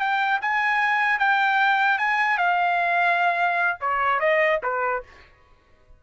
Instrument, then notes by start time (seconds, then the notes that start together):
trumpet
0.00 G5
0.41 G#5
1.19 G5
1.98 G#5
2.38 F5
3.81 C#5
4.20 D#5
4.63 B4